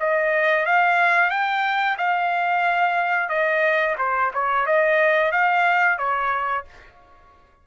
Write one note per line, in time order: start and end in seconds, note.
0.00 0.66 D#5
0.66 1.30 F5
1.30 1.97 G5
1.98 3.29 F5
3.29 3.96 D#5
3.98 4.32 C5
4.34 4.66 C#5
4.66 5.32 D#5
5.32 5.98 F5
5.98 6.65 C#5